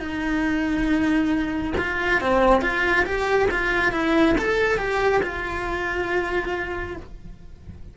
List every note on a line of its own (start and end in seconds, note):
0.00 1.74 D#4
1.78 2.21 F4
2.21 2.62 C4
2.62 3.05 F4
3.06 3.49 G4
3.51 3.92 F4
3.92 4.36 E4
4.39 4.78 A4
4.78 5.22 G4
5.23 6.97 F4